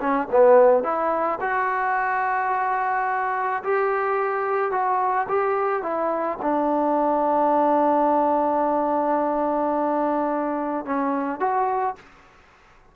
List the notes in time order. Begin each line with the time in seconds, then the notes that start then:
0.00 C#4
0.31 B3
0.83 E4
1.41 F#4
3.63 G4
4.71 F#4
5.29 G4
5.83 E4
6.42 D4
10.86 C#4
11.40 F#4